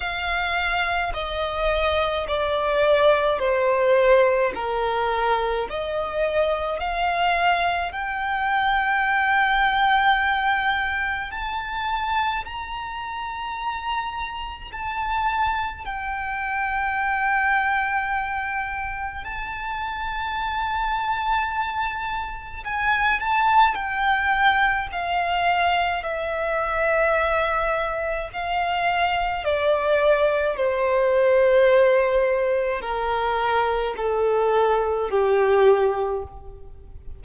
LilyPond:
\new Staff \with { instrumentName = "violin" } { \time 4/4 \tempo 4 = 53 f''4 dis''4 d''4 c''4 | ais'4 dis''4 f''4 g''4~ | g''2 a''4 ais''4~ | ais''4 a''4 g''2~ |
g''4 a''2. | gis''8 a''8 g''4 f''4 e''4~ | e''4 f''4 d''4 c''4~ | c''4 ais'4 a'4 g'4 | }